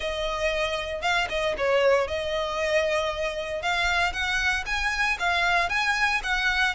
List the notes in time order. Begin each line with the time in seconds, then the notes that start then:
0.00 D#5
1.01 F5
1.29 D#5
1.57 C#5
2.07 D#5
3.62 F5
4.12 F#5
4.66 G#5
5.19 F5
5.69 G#5
6.23 F#5